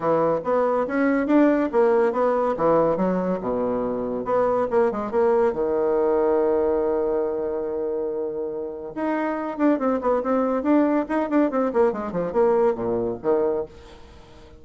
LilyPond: \new Staff \with { instrumentName = "bassoon" } { \time 4/4 \tempo 4 = 141 e4 b4 cis'4 d'4 | ais4 b4 e4 fis4 | b,2 b4 ais8 gis8 | ais4 dis2.~ |
dis1~ | dis4 dis'4. d'8 c'8 b8 | c'4 d'4 dis'8 d'8 c'8 ais8 | gis8 f8 ais4 ais,4 dis4 | }